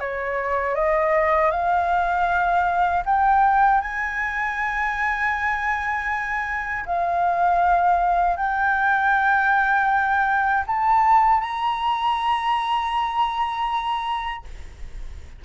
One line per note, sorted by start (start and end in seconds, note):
0.00 0.75 C#5
0.75 1.51 D#5
1.51 3.03 F5
3.06 3.81 G5
3.81 6.85 G#5
6.86 8.37 F5
8.37 10.65 G5
10.67 11.41 A5
11.41 14.45 A#5